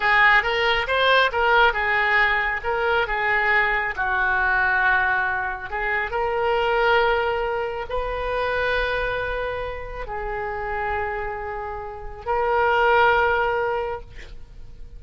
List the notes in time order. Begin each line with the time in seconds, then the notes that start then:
0.00 G#4
0.42 A#4
0.87 C5
1.32 A#4
1.73 G#4
2.63 A#4
3.07 G#4
3.96 F#4
5.70 G#4
6.10 A#4
7.89 B4
10.06 G#4
12.25 A#4